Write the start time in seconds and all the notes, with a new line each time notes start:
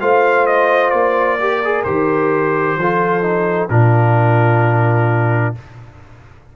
0.00 A3 F4 C5 F5
0.46 D#5
0.90 A#3 D5
1.39 G4 A#4
1.64 G#4
1.84 D#3 G4 C5
2.77 F3 F4 A4
3.22 D#4
3.69 A#2 D4 F4 A#4